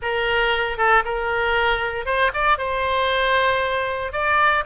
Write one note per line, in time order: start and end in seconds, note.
0.02 0.77 A#4
0.77 1.03 A4
1.04 2.05 A#4
2.05 2.31 C5
2.33 2.57 D5
2.57 4.12 C5
4.12 4.64 D5